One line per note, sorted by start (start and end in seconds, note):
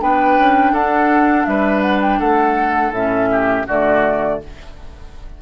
0.00 0.38 B3
0.00 2.93 D4
0.00 0.73 B4
0.00 0.75 G5
0.38 0.73 C#4
0.73 1.46 D4
0.73 1.46 A4
0.73 1.45 F#5
1.45 2.20 G3
1.45 2.20 B4
1.45 1.81 E5
1.82 2.00 F#5
2.02 2.20 G5
2.20 2.92 A3
2.20 3.29 A4
2.20 2.93 F#5
2.92 3.65 A2
2.92 3.68 C#4
2.92 3.67 E5
3.32 3.67 G4
3.67 4.42 D3
3.67 4.41 A3
3.67 4.40 F#4
3.67 4.42 D5